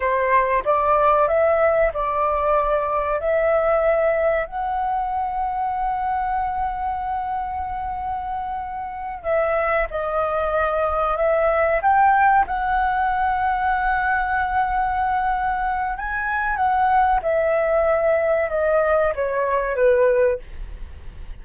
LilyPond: \new Staff \with { instrumentName = "flute" } { \time 4/4 \tempo 4 = 94 c''4 d''4 e''4 d''4~ | d''4 e''2 fis''4~ | fis''1~ | fis''2~ fis''8 e''4 dis''8~ |
dis''4. e''4 g''4 fis''8~ | fis''1~ | fis''4 gis''4 fis''4 e''4~ | e''4 dis''4 cis''4 b'4 | }